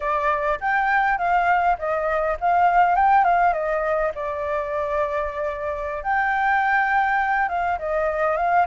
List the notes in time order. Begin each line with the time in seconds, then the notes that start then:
0.00 D5
0.60 G5
1.18 F5
1.78 D#5
2.40 F5
2.95 G5
3.24 F5
3.53 D#5
4.14 D5
6.03 G5
7.49 F5
7.79 D#5
8.37 F5